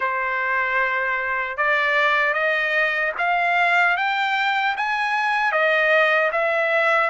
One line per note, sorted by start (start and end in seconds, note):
0.00 1.57 C5
1.57 2.33 D5
2.33 3.12 D#5
3.18 3.97 F5
3.97 4.75 G5
4.76 5.52 G#5
5.52 6.31 D#5
6.32 7.09 E5